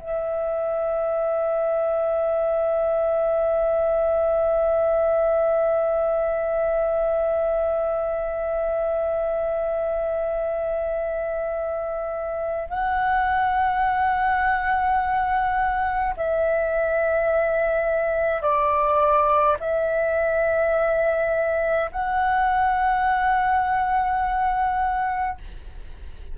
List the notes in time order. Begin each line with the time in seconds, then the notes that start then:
0.00 E5
12.69 F#5
16.17 E5
18.42 D5
19.60 E5
21.92 F#5